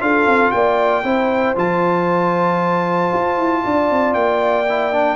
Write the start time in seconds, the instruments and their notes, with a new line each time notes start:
0.00 tuba D4, trombone F4, horn A4, trumpet F5
0.26 tuba C4
0.51 tuba A#3, horn D5, trumpet G5
1.04 tuba C4, trombone E4, horn C5
1.56 tuba F3, trombone F4, trumpet A5
3.13 tuba F4
3.37 tuba E4
3.64 tuba D4, horn D5
3.91 tuba C4
4.14 tuba A#3, trumpet G5
4.69 trombone E4
4.92 trombone D4